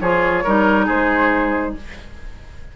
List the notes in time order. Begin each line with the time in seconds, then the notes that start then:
0.00 F3 F4 G#4 C#5
0.44 G3 D#4 A#4
0.86 G#3 G#4 C5